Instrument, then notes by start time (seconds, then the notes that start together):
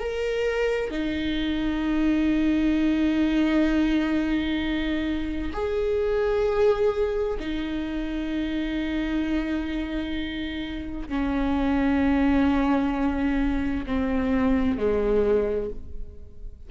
viola
0.00 A#4
0.91 D#4
5.53 G#4
7.40 D#4
11.09 C#4
13.87 C4
14.78 G#3